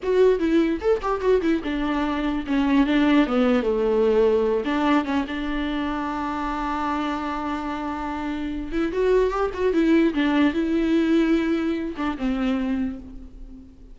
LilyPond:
\new Staff \with { instrumentName = "viola" } { \time 4/4 \tempo 4 = 148 fis'4 e'4 a'8 g'8 fis'8 e'8 | d'2 cis'4 d'4 | b4 a2~ a8 d'8~ | d'8 cis'8 d'2.~ |
d'1~ | d'4. e'8 fis'4 g'8 fis'8 | e'4 d'4 e'2~ | e'4. d'8 c'2 | }